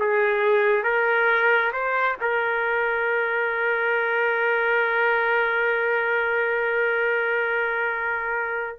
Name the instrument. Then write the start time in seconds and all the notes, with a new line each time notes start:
trumpet
0.00 G#4
0.84 A#4
1.73 C5
2.22 A#4